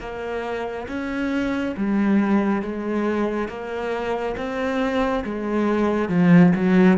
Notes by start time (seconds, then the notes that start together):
0.00 A#3
0.88 C#4
1.77 G3
2.62 G#3
3.48 A#3
4.37 C4
5.24 G#3
6.09 F3
6.55 F#3